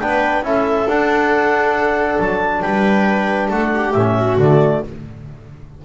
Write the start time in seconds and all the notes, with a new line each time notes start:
0.00 B3 D4 B4 G5
0.43 C#4 E4 A4 E5
0.86 D4 F#5
2.19 F#3 A5
2.62 G3 B4 G5
3.50 A3 A4 F#5
3.74 G4
3.93 A2 C#4 E5
4.19 F#4
4.38 D3 A3 D5